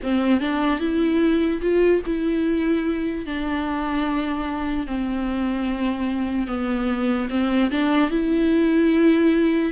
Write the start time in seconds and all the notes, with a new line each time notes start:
0.03 C4
0.40 D4
0.79 E4
1.61 F4
2.06 E4
3.26 D4
4.86 C4
6.47 B3
7.29 C4
7.70 D4
8.10 E4